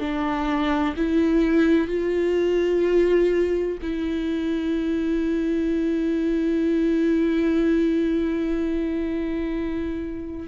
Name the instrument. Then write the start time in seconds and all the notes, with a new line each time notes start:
viola
0.00 D4
0.97 E4
1.87 F4
3.82 E4